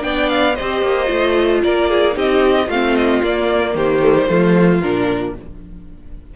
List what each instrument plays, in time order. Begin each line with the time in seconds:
0.00 cello B3, viola D4, violin D5 G5
0.29 violin F5
0.55 cello C4, viola G4, violin C5 D#5
0.82 cello A#3
1.07 cello A3, viola F4
1.63 cello A#3, violin A#4 D5
1.89 violin G#4
2.12 cello C4, viola D#4, violin G4 D#5
2.67 cello A3, viola C4, violin F4 F5
2.96 violin D#5
3.23 cello A#3, viola A#3, violin D5
3.75 cello D#3, violin G4 C5
4.02 viola A3
4.15 viola G3
4.28 cello F3, viola A3, violin F4
4.81 cello A#2, viola D4, violin A#4